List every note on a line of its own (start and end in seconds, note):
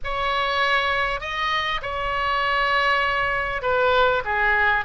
0.04 1.20 C#5
1.20 1.80 D#5
1.82 3.62 C#5
3.62 4.22 B4
4.25 4.85 G#4